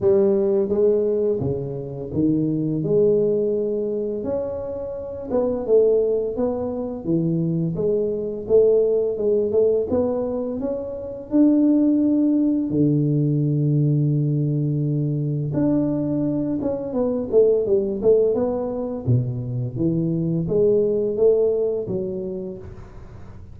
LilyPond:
\new Staff \with { instrumentName = "tuba" } { \time 4/4 \tempo 4 = 85 g4 gis4 cis4 dis4 | gis2 cis'4. b8 | a4 b4 e4 gis4 | a4 gis8 a8 b4 cis'4 |
d'2 d2~ | d2 d'4. cis'8 | b8 a8 g8 a8 b4 b,4 | e4 gis4 a4 fis4 | }